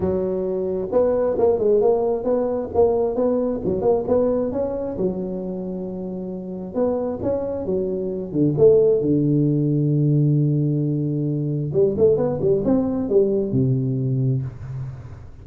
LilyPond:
\new Staff \with { instrumentName = "tuba" } { \time 4/4 \tempo 4 = 133 fis2 b4 ais8 gis8 | ais4 b4 ais4 b4 | fis8 ais8 b4 cis'4 fis4~ | fis2. b4 |
cis'4 fis4. d8 a4 | d1~ | d2 g8 a8 b8 g8 | c'4 g4 c2 | }